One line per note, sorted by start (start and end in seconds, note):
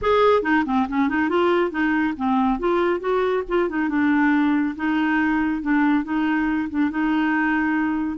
0.01 0.42 G#4
0.42 0.64 D#4
0.65 0.87 C4
0.88 1.09 C#4
1.09 1.29 D#4
1.29 1.71 F4
1.71 2.14 D#4
2.16 2.59 C4
2.59 3.00 F4
3.00 3.43 F#4
3.48 3.69 F4
3.69 3.88 D#4
3.88 4.75 D4
4.76 5.62 D#4
5.62 6.04 D4
6.04 6.68 D#4
6.69 6.90 D4
6.90 8.17 D#4